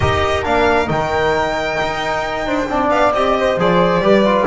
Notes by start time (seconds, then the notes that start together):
0.00 D#4 G4 A#4 D#5
0.44 A#3 D4 F5
0.86 D#3 D#4 G5
1.82 D#4
2.46 D4 C5
2.68 C4 D4 D5
2.89 B3 F5
3.12 C4 G4 D#5
3.39 C5
3.57 F3 G#4 D5
3.99 G3 G4 B4
4.25 F4